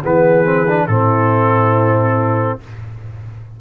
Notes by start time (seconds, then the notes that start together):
0.00 E3 B3 G#4 B4
0.44 C4
0.67 D4
0.86 A2 C4 E4 A4